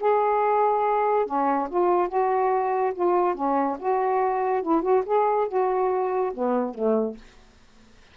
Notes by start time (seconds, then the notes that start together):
0.00 G#4
1.26 C#4
1.70 F4
2.09 F#4
2.95 F4
3.35 C#4
3.79 F#4
4.62 E4
4.82 F#4
5.06 G#4
5.48 F#4
6.34 B3
6.75 A3